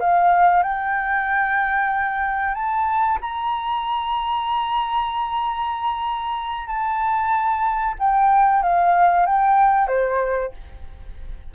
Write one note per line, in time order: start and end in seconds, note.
0.00 0.63 F5
0.63 2.54 G5
2.54 3.18 A5
3.21 6.67 A#5
6.67 7.95 A5
7.99 8.63 G5
8.63 9.26 F5
9.26 9.88 G5
9.88 10.51 C5